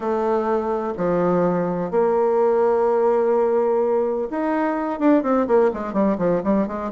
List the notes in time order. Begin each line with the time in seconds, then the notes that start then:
0.00 A3
0.97 F3
1.90 A#3
4.30 D#4
4.99 D4
5.23 C4
5.47 A#3
5.73 G#3
5.93 G3
6.18 F3
6.43 G3
6.67 G#3